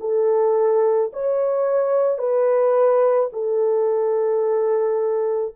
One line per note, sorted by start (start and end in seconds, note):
0.00 1.11 A4
1.13 2.18 C#5
2.18 3.29 B4
3.32 5.55 A4